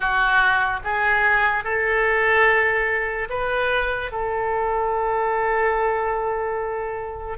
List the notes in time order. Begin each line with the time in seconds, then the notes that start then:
0.00 F#4
0.84 G#4
1.64 A4
3.29 B4
4.11 A4